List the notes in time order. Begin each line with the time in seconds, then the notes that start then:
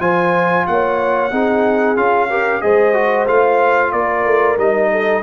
0.00 F3 F4 C5 G#5
0.67 A#3 C#5 F#5
1.31 C4 D#4 G#4
1.97 C#4 F4 F5
2.30 G4 A#4
2.62 G#3 G#4 C5 D#5
2.94 F#4
3.28 A3 F4 F5
3.92 A#3 A#4 D5
4.26 A3
4.58 G3 D#4 D#5
4.92 A4